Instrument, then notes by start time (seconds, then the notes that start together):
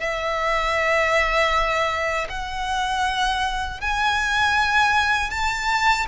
violin
0.00 E5
2.29 F#5
3.81 G#5
5.30 A5